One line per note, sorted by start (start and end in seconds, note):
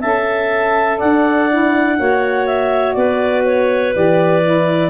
0.00 1.01 C#4
0.00 1.50 A4
0.00 0.98 E5
0.00 0.99 A5
0.99 1.99 D4
0.99 1.97 D5
0.99 2.47 F#5
1.50 1.97 E4
1.97 2.96 A#3
1.97 3.93 F#4
1.97 2.96 C#5
2.47 2.93 E5
2.93 3.94 B3
2.93 4.90 B4
2.93 3.42 D5
3.45 3.94 C#5
3.93 4.90 E3
3.93 4.42 G4
3.93 4.90 D5
4.43 4.90 E4